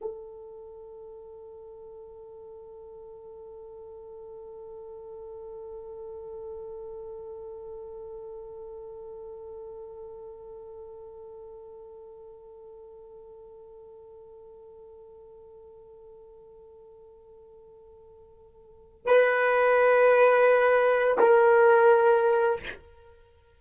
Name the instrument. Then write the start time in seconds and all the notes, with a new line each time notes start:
horn
0.01 A4
19.06 B4
21.18 A#4